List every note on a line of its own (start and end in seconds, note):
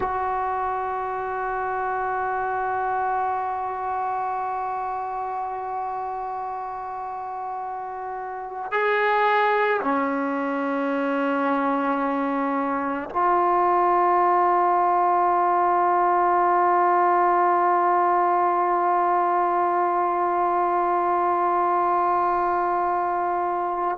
0.00 8.71 F#4
8.71 9.80 G#4
9.81 13.09 C#4
13.09 23.98 F4